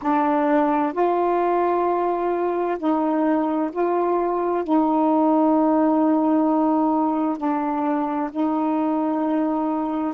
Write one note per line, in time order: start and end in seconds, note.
0.02 0.92 D4
0.92 2.77 F4
2.78 3.70 D#4
3.72 4.64 F4
4.64 7.37 D#4
7.37 8.30 D4
8.31 10.14 D#4